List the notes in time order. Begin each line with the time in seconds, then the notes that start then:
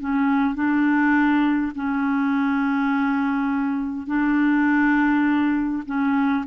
0.00 C#4
0.55 D4
1.75 C#4
4.07 D4
5.86 C#4